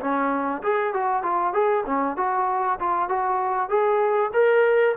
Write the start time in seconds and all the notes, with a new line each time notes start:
0.00 C#4
0.62 G#4
0.93 F#4
1.22 F4
1.53 G#4
1.86 C#4
2.16 F#4
2.79 F4
3.09 F#4
3.69 G#4
4.33 A#4